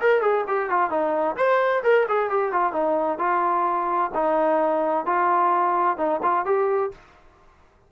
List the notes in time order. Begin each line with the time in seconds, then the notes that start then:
0.00 A#4
0.21 G#4
0.47 G4
0.70 F4
0.90 D#4
1.36 C5
1.83 A#4
2.08 G#4
2.30 G4
2.52 F4
2.72 D#4
3.18 F4
4.14 D#4
5.06 F4
5.97 D#4
6.22 F4
6.45 G4